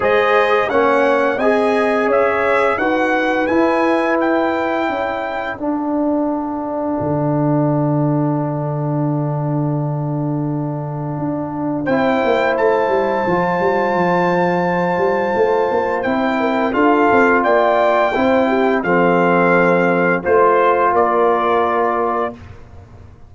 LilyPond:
<<
  \new Staff \with { instrumentName = "trumpet" } { \time 4/4 \tempo 4 = 86 dis''4 fis''4 gis''4 e''4 | fis''4 gis''4 g''2 | f''1~ | f''1~ |
f''4 g''4 a''2~ | a''2. g''4 | f''4 g''2 f''4~ | f''4 c''4 d''2 | }
  \new Staff \with { instrumentName = "horn" } { \time 4/4 c''4 cis''4 dis''4 cis''4 | b'2. a'4~ | a'1~ | a'1~ |
a'4 c''2.~ | c''2.~ c''8 ais'8 | a'4 d''4 c''8 g'8 a'4~ | a'4 c''4 ais'2 | }
  \new Staff \with { instrumentName = "trombone" } { \time 4/4 gis'4 cis'4 gis'2 | fis'4 e'2. | d'1~ | d'1~ |
d'4 e'2 f'4~ | f'2. e'4 | f'2 e'4 c'4~ | c'4 f'2. | }
  \new Staff \with { instrumentName = "tuba" } { \time 4/4 gis4 ais4 c'4 cis'4 | dis'4 e'2 cis'4 | d'2 d2~ | d1 |
d'4 c'8 ais8 a8 g8 f8 g8 | f4. g8 a8 ais8 c'4 | d'8 c'8 ais4 c'4 f4~ | f4 a4 ais2 | }
>>